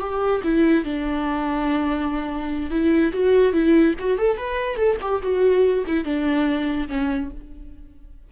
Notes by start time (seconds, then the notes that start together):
0.00 G4
0.43 E4
0.84 D4
2.70 E4
3.13 F#4
3.53 E4
3.99 F#4
4.18 A4
4.37 B4
4.76 A4
5.01 G4
5.22 F#4
5.86 E4
6.05 D4
6.88 C#4